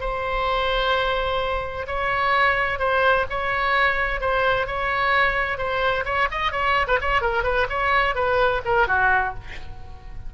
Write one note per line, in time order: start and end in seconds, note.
0.00 1.86 C5
1.87 2.79 C#5
2.79 3.25 C5
3.30 4.20 C#5
4.20 4.67 C5
4.67 5.58 C#5
5.58 6.04 C5
6.05 6.28 C#5
6.31 6.52 D#5
6.52 6.86 C#5
6.88 6.99 B4
7.01 7.21 C#5
7.21 7.44 A#4
7.44 7.67 B4
7.70 8.15 C#5
8.15 8.61 B4
8.65 8.88 A#4
8.88 9.34 F#4